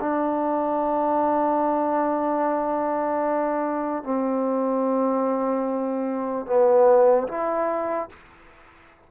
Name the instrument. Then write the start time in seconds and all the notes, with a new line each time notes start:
trombone
0.00 D4
4.03 C4
6.46 B3
7.28 E4